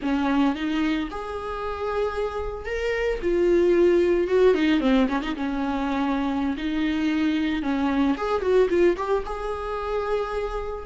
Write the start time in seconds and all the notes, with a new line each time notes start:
0.02 C#4
0.55 D#4
1.10 G#4
2.65 A#4
3.21 F4
4.27 F#4
4.54 D#4
4.80 C4
5.08 C#4
5.22 D#4
5.35 C#4
6.57 D#4
7.62 C#4
8.17 G#4
8.41 F#4
8.69 F4
8.96 G4
9.25 G#4